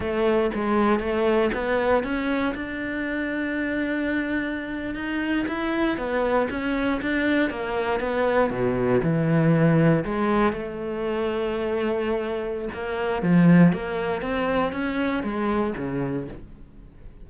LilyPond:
\new Staff \with { instrumentName = "cello" } { \time 4/4 \tempo 4 = 118 a4 gis4 a4 b4 | cis'4 d'2.~ | d'4.~ d'16 dis'4 e'4 b16~ | b8. cis'4 d'4 ais4 b16~ |
b8. b,4 e2 gis16~ | gis8. a2.~ a16~ | a4 ais4 f4 ais4 | c'4 cis'4 gis4 cis4 | }